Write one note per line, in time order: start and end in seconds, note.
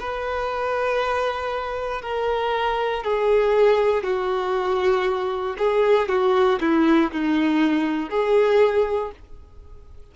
0.00 2.02 B4
2.02 3.04 A#4
3.04 4.04 G#4
4.04 5.56 F#4
5.58 6.09 G#4
6.09 6.60 F#4
6.61 7.11 E4
7.12 8.10 D#4
8.10 9.12 G#4